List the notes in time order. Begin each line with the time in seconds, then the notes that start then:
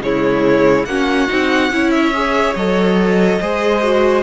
0.00 C#3 G#3 E4 C#5
0.85 A#3 C#4 F#4 F#5
1.28 C4 D#4
1.70 C#4 E4 C#5
1.90 E5
2.14 G#4
2.55 F#3 A4 D#5
3.41 G#3 G#4 C5
3.83 F#4